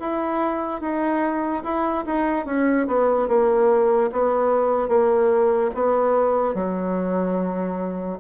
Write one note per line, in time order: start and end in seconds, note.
0.00 0.81 E4
0.81 1.64 D#4
1.64 2.05 E4
2.07 2.46 D#4
2.46 2.87 C#4
2.88 3.28 B3
3.28 4.11 A#3
4.12 4.89 B3
4.89 5.71 A#3
5.75 6.55 B3
6.55 8.19 F#3